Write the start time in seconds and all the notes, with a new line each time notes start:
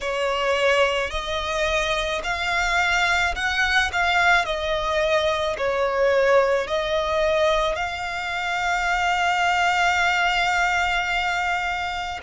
0.00 C#5
1.10 D#5
2.23 F5
3.35 F#5
3.92 F5
4.45 D#5
5.57 C#5
6.67 D#5
7.75 F5